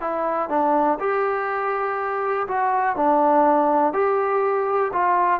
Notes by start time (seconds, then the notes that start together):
0.00 E4
0.49 D4
0.99 G4
2.47 F#4
2.96 D4
3.93 G4
4.92 F4